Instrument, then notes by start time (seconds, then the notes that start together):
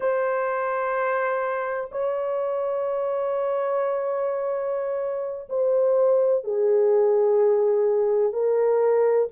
horn
0.00 C5
1.91 C#5
5.49 C5
6.44 G#4
8.32 A#4